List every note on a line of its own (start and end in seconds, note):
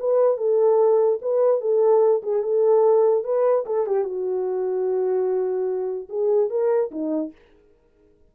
0.00 0.38 B4
0.38 1.19 A4
1.22 1.61 B4
1.61 2.22 A4
2.23 2.43 G#4
2.43 3.24 A4
3.24 3.65 B4
3.66 3.87 A4
3.87 4.04 G4
4.04 6.09 F#4
6.10 6.50 G#4
6.50 6.91 A#4
6.91 7.32 D#4